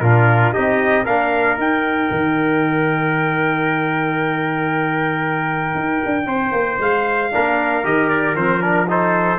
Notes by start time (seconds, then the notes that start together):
0.00 A#2 D4 F4 A#4
0.53 C4 D#4 G4 D#5
1.04 A#3 D4 A#4 F5
1.57 D#4 G5
2.11 D#3
5.75 D#4
6.05 D4
6.26 C4 C5
6.52 A#3
6.79 G#3 F5
7.32 A#3 D4 A#4
7.83 D#3 G4 D#5
8.09 D5
8.36 F3 C4 C5
8.61 D4 A#4
8.88 D#4 A4 C5